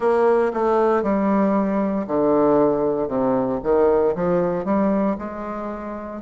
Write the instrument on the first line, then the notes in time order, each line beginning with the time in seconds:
bassoon
0.00 A#3
0.53 A3
1.03 G3
2.07 D3
3.08 C3
3.63 D#3
4.15 F3
4.65 G3
5.18 G#3